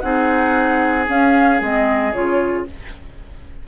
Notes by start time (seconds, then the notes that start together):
0.00 C4 D#4 G#4 F#5
1.07 C#4 F5
1.60 G#3 C4 D#5
2.13 C#3 F4 C#5